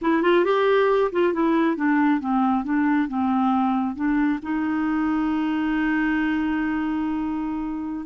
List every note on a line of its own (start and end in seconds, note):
0.01 0.22 E4
0.22 0.44 F4
0.45 1.11 G4
1.12 1.33 F4
1.33 1.76 E4
1.76 2.20 D4
2.20 2.64 C4
2.64 3.08 D4
3.08 3.95 C4
3.95 4.39 D4
4.42 8.06 D#4